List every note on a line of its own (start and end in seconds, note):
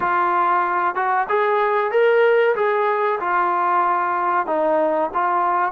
0.00 0.95 F4
0.95 1.27 F#4
1.29 1.91 G#4
1.91 2.55 A#4
2.55 3.19 G#4
3.20 4.46 F4
4.46 5.10 D#4
5.14 5.71 F4